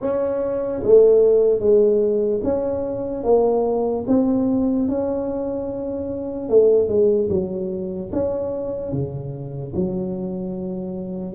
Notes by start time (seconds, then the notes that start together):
0.01 C#4
0.83 A3
1.59 G#3
2.43 C#4
3.23 A#3
4.07 C4
4.88 C#4
6.49 A3
6.88 G#3
7.29 F#3
8.12 C#4
8.92 C#3
9.75 F#3